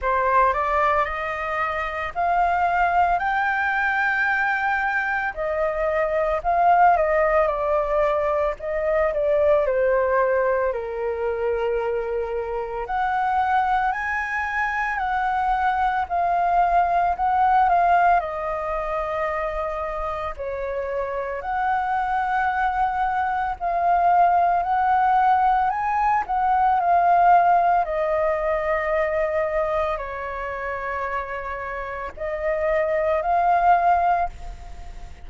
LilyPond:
\new Staff \with { instrumentName = "flute" } { \time 4/4 \tempo 4 = 56 c''8 d''8 dis''4 f''4 g''4~ | g''4 dis''4 f''8 dis''8 d''4 | dis''8 d''8 c''4 ais'2 | fis''4 gis''4 fis''4 f''4 |
fis''8 f''8 dis''2 cis''4 | fis''2 f''4 fis''4 | gis''8 fis''8 f''4 dis''2 | cis''2 dis''4 f''4 | }